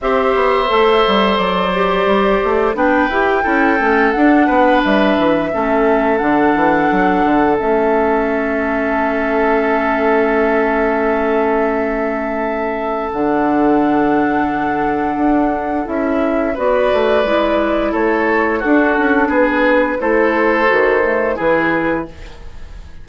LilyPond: <<
  \new Staff \with { instrumentName = "flute" } { \time 4/4 \tempo 4 = 87 e''2 d''2 | g''2 fis''4 e''4~ | e''4 fis''2 e''4~ | e''1~ |
e''2. fis''4~ | fis''2. e''4 | d''2 cis''4 a'4 | b'4 c''2 b'4 | }
  \new Staff \with { instrumentName = "oboe" } { \time 4/4 c''1 | b'4 a'4. b'4. | a'1~ | a'1~ |
a'1~ | a'1 | b'2 a'4 fis'4 | gis'4 a'2 gis'4 | }
  \new Staff \with { instrumentName = "clarinet" } { \time 4/4 g'4 a'4. g'4. | d'8 g'8 e'8 cis'8 d'2 | cis'4 d'2 cis'4~ | cis'1~ |
cis'2. d'4~ | d'2. e'4 | fis'4 e'2 d'4~ | d'4 e'4 fis'8 a8 e'4 | }
  \new Staff \with { instrumentName = "bassoon" } { \time 4/4 c'8 b8 a8 g8 fis4 g8 a8 | b8 e'8 cis'8 a8 d'8 b8 g8 e8 | a4 d8 e8 fis8 d8 a4~ | a1~ |
a2. d4~ | d2 d'4 cis'4 | b8 a8 gis4 a4 d'8 cis'8 | b4 a4 dis4 e4 | }
>>